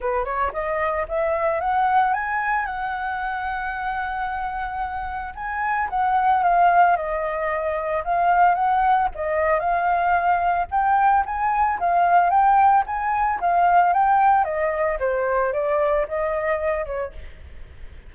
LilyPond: \new Staff \with { instrumentName = "flute" } { \time 4/4 \tempo 4 = 112 b'8 cis''8 dis''4 e''4 fis''4 | gis''4 fis''2.~ | fis''2 gis''4 fis''4 | f''4 dis''2 f''4 |
fis''4 dis''4 f''2 | g''4 gis''4 f''4 g''4 | gis''4 f''4 g''4 dis''4 | c''4 d''4 dis''4. cis''8 | }